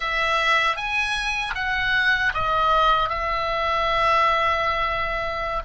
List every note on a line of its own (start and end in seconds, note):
0.00 0.76 E5
0.76 1.54 G#5
1.54 2.32 F#5
2.33 3.09 D#5
3.09 5.62 E5